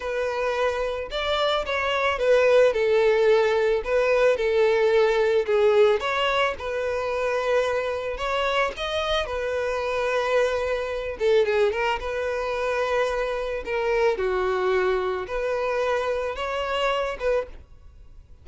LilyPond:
\new Staff \with { instrumentName = "violin" } { \time 4/4 \tempo 4 = 110 b'2 d''4 cis''4 | b'4 a'2 b'4 | a'2 gis'4 cis''4 | b'2. cis''4 |
dis''4 b'2.~ | b'8 a'8 gis'8 ais'8 b'2~ | b'4 ais'4 fis'2 | b'2 cis''4. b'8 | }